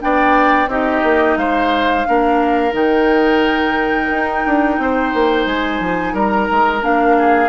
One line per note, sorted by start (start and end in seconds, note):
0.00 0.67 B3
0.00 0.68 D4
0.00 0.70 D5
0.00 0.70 G5
0.67 1.02 C4
0.67 2.06 D#4
0.67 1.38 G4
0.67 1.37 D#5
1.03 1.37 A#3
1.37 2.05 G#3
1.37 2.07 C5
1.37 2.74 F5
2.06 2.73 A#3
2.06 2.72 D4
2.06 4.81 A#4
2.72 4.09 D#3
2.72 6.81 D#4
2.72 5.47 G5
4.10 4.44 D#4
4.46 4.79 D4
4.79 5.13 C4
4.79 6.14 C5
5.14 5.46 A#3
5.46 5.80 G#3
5.46 6.15 G#5
5.80 6.14 F3
6.14 6.48 G3
6.14 7.16 A#4
6.14 6.85 A#5
6.51 6.83 G#3
6.81 7.49 A#3
6.81 7.49 D4
6.81 7.49 F5
7.18 7.49 G#4